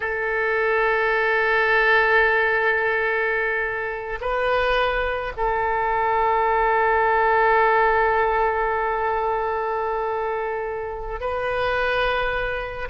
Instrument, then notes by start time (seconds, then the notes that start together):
oboe
0.00 A4
4.20 B4
5.36 A4
11.20 B4